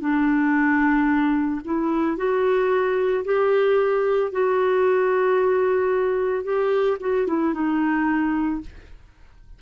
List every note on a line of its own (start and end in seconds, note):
0.00 1.61 D4
1.64 2.17 E4
2.17 3.24 F#4
3.24 4.31 G4
4.31 6.43 F#4
6.43 6.97 G4
7.00 7.27 F#4
7.27 7.53 E4
7.53 8.61 D#4